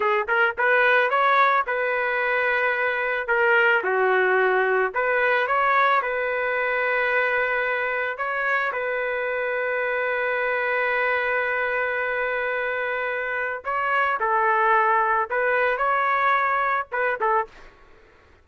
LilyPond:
\new Staff \with { instrumentName = "trumpet" } { \time 4/4 \tempo 4 = 110 gis'8 ais'8 b'4 cis''4 b'4~ | b'2 ais'4 fis'4~ | fis'4 b'4 cis''4 b'4~ | b'2. cis''4 |
b'1~ | b'1~ | b'4 cis''4 a'2 | b'4 cis''2 b'8 a'8 | }